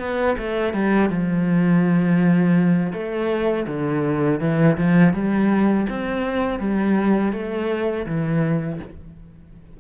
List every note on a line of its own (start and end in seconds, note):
0.00 0.37 B3
0.39 0.74 A3
0.74 1.10 G3
1.10 2.93 F3
2.94 3.67 A3
3.68 4.41 D3
4.41 4.77 E3
4.78 5.14 F3
5.14 5.87 G3
5.90 6.60 C4
6.60 7.33 G3
7.33 8.06 A3
8.07 8.80 E3